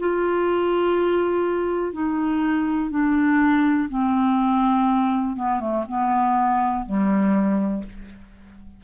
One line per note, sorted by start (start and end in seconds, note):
0.00 1.93 F4
1.93 2.91 D#4
2.91 3.89 D4
3.89 5.37 C4
5.37 5.60 B3
5.60 5.85 A3
5.88 6.86 B3
6.86 7.84 G3